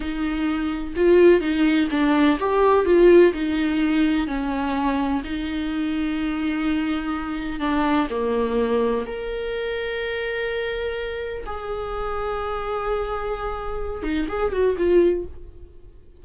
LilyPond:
\new Staff \with { instrumentName = "viola" } { \time 4/4 \tempo 4 = 126 dis'2 f'4 dis'4 | d'4 g'4 f'4 dis'4~ | dis'4 cis'2 dis'4~ | dis'1 |
d'4 ais2 ais'4~ | ais'1 | gis'1~ | gis'4. dis'8 gis'8 fis'8 f'4 | }